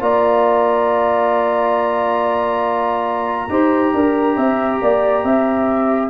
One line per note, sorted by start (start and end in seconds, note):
0.00 3.48 A#3
0.00 3.48 F4
0.00 3.50 D5
0.00 6.10 A#5
3.49 3.92 D#4
3.49 6.10 G4
3.49 3.94 C5
3.93 4.37 D4
3.93 4.36 A#4
4.36 4.80 C4
4.36 4.80 E5
4.81 5.23 A#3
4.81 5.25 D5
5.23 6.10 C4
5.23 6.10 E5